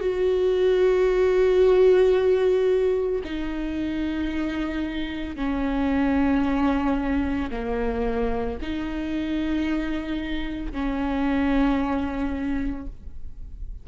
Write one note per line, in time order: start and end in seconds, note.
0.00 3.21 F#4
3.24 5.36 D#4
5.36 7.50 C#4
7.50 8.58 A#3
8.62 10.72 D#4
10.72 12.86 C#4